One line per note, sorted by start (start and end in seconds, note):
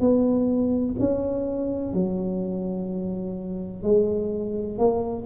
0.00 0.95 B3
0.99 1.93 C#4
1.93 3.83 F#3
3.83 4.78 G#3
4.78 5.26 A#3